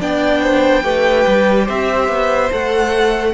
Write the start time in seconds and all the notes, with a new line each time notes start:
0.00 B3 D4 D5 G5
0.43 C5
0.83 A3 G4 B4
1.27 G3
1.65 C4 C5 E5
2.09 B3
2.52 A3 A4 F#5